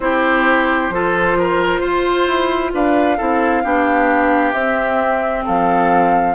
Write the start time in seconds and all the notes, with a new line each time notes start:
0.00 C4 E4 G4 C5
0.89 F3 F4 A4
1.37 A#4
1.80 F4 C5
2.27 E4
2.73 D4 B4 F5
3.17 C4 E4 A4
3.63 B3 D4 G4
4.52 C4 E5
5.45 F3 A4 F5